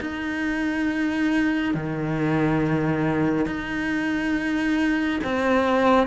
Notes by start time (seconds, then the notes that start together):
0.00 D#4
1.74 D#3
3.45 D#4
5.23 C4